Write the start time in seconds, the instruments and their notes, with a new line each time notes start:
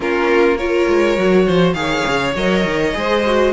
0.00 cello A#3, viola C#4, violin F4 A#4
0.57 viola F4, violin A#4 C#5
0.88 cello G#3
1.17 cello F#3, viola F#4
1.46 cello F3, violin C5
1.73 cello D#3, viola G#4, violin F5
1.79 violin C#5
2.07 cello C#3
2.35 cello F#3, viola A#4, violin D#5
2.64 cello D#3
2.92 cello G#3, viola G#4, violin C5
3.25 viola F#4